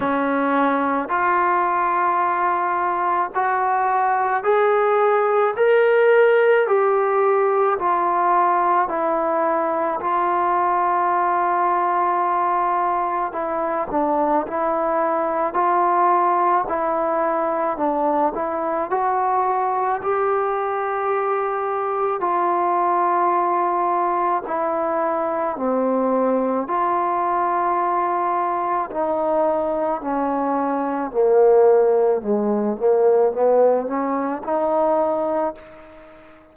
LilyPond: \new Staff \with { instrumentName = "trombone" } { \time 4/4 \tempo 4 = 54 cis'4 f'2 fis'4 | gis'4 ais'4 g'4 f'4 | e'4 f'2. | e'8 d'8 e'4 f'4 e'4 |
d'8 e'8 fis'4 g'2 | f'2 e'4 c'4 | f'2 dis'4 cis'4 | ais4 gis8 ais8 b8 cis'8 dis'4 | }